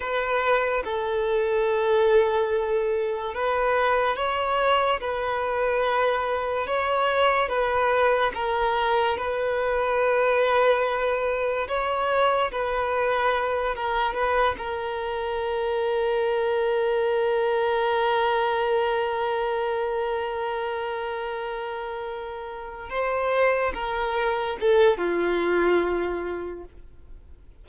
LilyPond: \new Staff \with { instrumentName = "violin" } { \time 4/4 \tempo 4 = 72 b'4 a'2. | b'4 cis''4 b'2 | cis''4 b'4 ais'4 b'4~ | b'2 cis''4 b'4~ |
b'8 ais'8 b'8 ais'2~ ais'8~ | ais'1~ | ais'2.~ ais'8 c''8~ | c''8 ais'4 a'8 f'2 | }